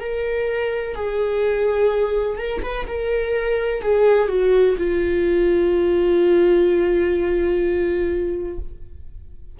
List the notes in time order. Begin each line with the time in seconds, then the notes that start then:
0.00 A#4
0.95 G#4
2.38 A#4
2.62 B4
2.88 A#4
3.82 G#4
4.28 F#4
4.77 F4